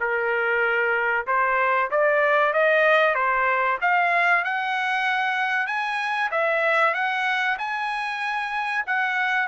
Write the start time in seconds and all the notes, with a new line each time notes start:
0.00 A#4
1.27 C5
1.90 D5
2.53 D#5
3.15 C5
3.81 F5
4.44 F#5
5.67 G#5
6.31 E5
6.94 F#5
7.58 G#5
8.86 F#5